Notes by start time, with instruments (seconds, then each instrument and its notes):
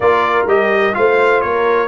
0.00 tuba A#3, trombone F4, horn A#4, trumpet D5
0.45 tuba G3, trombone G4, trumpet D#5
0.93 tuba A3, trombone F4, horn C5, trumpet F5
1.41 tuba A#3, horn A#4, trumpet C#5